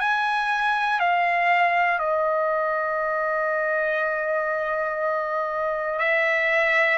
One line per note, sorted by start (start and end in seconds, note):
0.00 1.00 G#5
1.00 1.99 F5
1.99 5.99 D#5
5.99 6.98 E5